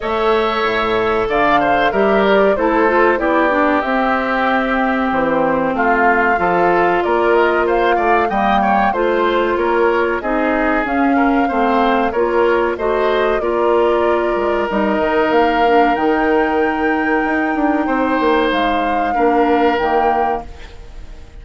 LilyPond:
<<
  \new Staff \with { instrumentName = "flute" } { \time 4/4 \tempo 4 = 94 e''2 f''4 e''8 d''8 | c''4 d''4 e''2 | c''4 f''2 d''8 dis''8 | f''4 g''4 c''4 cis''4 |
dis''4 f''2 cis''4 | dis''4 d''2 dis''4 | f''4 g''2.~ | g''4 f''2 g''4 | }
  \new Staff \with { instrumentName = "oboe" } { \time 4/4 cis''2 d''8 c''8 ais'4 | a'4 g'2.~ | g'4 f'4 a'4 ais'4 | c''8 d''8 dis''8 cis''8 c''4 ais'4 |
gis'4. ais'8 c''4 ais'4 | c''4 ais'2.~ | ais'1 | c''2 ais'2 | }
  \new Staff \with { instrumentName = "clarinet" } { \time 4/4 a'2. g'4 | e'8 f'8 e'8 d'8 c'2~ | c'2 f'2~ | f'4 ais4 f'2 |
dis'4 cis'4 c'4 f'4 | fis'4 f'2 dis'4~ | dis'8 d'8 dis'2.~ | dis'2 d'4 ais4 | }
  \new Staff \with { instrumentName = "bassoon" } { \time 4/4 a4 a,4 d4 g4 | a4 b4 c'2 | e4 a4 f4 ais4~ | ais8 a8 g4 a4 ais4 |
c'4 cis'4 a4 ais4 | a4 ais4. gis8 g8 dis8 | ais4 dis2 dis'8 d'8 | c'8 ais8 gis4 ais4 dis4 | }
>>